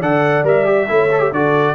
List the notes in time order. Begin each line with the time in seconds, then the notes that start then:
0.00 D3 A4 D5 F#5
0.43 G3 A#4 E5
0.65 G4
0.88 A3 E4 C#5
1.11 A4
1.19 G4
1.31 D3 F#4 A4 D5